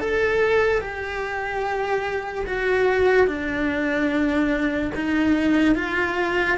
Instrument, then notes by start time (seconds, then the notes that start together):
cello
0.00 A4
0.81 G4
2.46 F#4
3.27 D4
4.95 D#4
5.75 F4